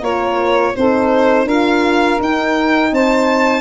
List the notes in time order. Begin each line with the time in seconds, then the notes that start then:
0.00 A#3 F4 A#4 C#5
0.76 C4 D#4 A4 C5
1.44 D4 F4 A#4 F5
2.19 D#4 G5
2.91 C4 C5 A5